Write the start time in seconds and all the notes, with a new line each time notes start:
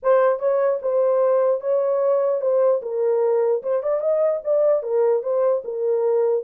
0.02 C5
0.39 C#5
0.82 C5
1.60 C#5
2.41 C5
2.82 A#4
3.62 C5
3.83 D5
4.00 D#5
4.44 D5
4.82 A#4
5.22 C5
5.64 A#4